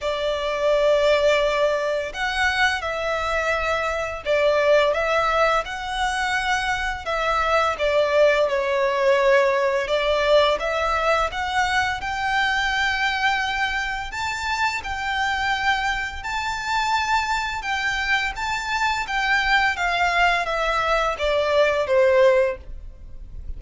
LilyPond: \new Staff \with { instrumentName = "violin" } { \time 4/4 \tempo 4 = 85 d''2. fis''4 | e''2 d''4 e''4 | fis''2 e''4 d''4 | cis''2 d''4 e''4 |
fis''4 g''2. | a''4 g''2 a''4~ | a''4 g''4 a''4 g''4 | f''4 e''4 d''4 c''4 | }